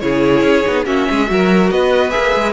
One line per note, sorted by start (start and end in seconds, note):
0.00 0.42 C#3
0.00 0.64 E4
0.00 0.86 G#4
0.00 0.85 C#5
0.42 0.63 C#4
0.65 0.86 B3
0.65 0.84 D#4
0.84 1.07 A#3
0.84 1.26 C#4
0.84 1.07 F#4
0.84 1.70 E5
1.09 1.30 G#3
1.09 1.30 G#4
1.26 1.70 F#3
1.26 2.10 F#4
1.26 1.73 A#4
1.70 2.13 B3
1.70 2.52 B4
1.70 2.10 D#5
2.10 2.35 A#3
2.10 2.52 G#4
2.10 2.52 E5
2.35 2.52 G#3